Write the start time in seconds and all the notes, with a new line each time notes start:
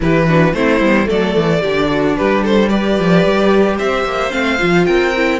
0.00 E3 E4 G4 B4
0.27 D4 F#4
0.53 A3 C4 E4 C5
0.80 G3 B3
1.05 F#3 A3 A4 D5
1.34 E3
1.61 D3 D4 G4
1.89 F#4
2.16 G3 G4 B4
2.42 A4 C5
2.68 G4 B4 D5
2.98 F3
3.24 G3
3.77 C4 C5 E5
4.04 A#3
4.30 A3 C4 F5
4.59 F3 F4
4.85 C4 A#4 G5
5.16 E4